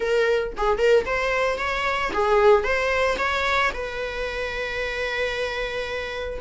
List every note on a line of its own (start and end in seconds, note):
0.00 0.53 A#4
0.57 0.78 G#4
0.78 1.04 A#4
1.05 1.58 C5
1.58 2.11 C#5
2.13 2.63 G#4
2.63 3.16 C5
3.18 3.71 C#5
3.73 6.39 B4